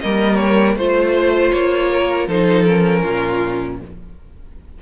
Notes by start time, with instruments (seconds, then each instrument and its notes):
0.00 cello G3, viola A#3, violin A#4 D#5
0.35 violin C#5
0.75 cello A3, viola F4, violin C5
1.51 cello A#3, violin C#5
1.93 violin A#4
2.28 cello F3, viola D#4, violin A4 C5
2.63 viola C#4, violin A#4
3.02 cello A#2, violin F4